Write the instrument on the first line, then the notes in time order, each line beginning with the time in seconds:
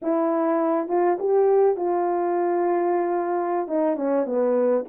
horn
0.02 E4
0.88 F4
1.19 G4
1.76 F4
3.67 D#4
3.96 C#4
4.26 B3